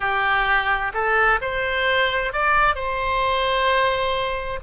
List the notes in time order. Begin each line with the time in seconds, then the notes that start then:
0.00 G4
0.93 A4
1.41 C5
2.32 D5
2.74 C5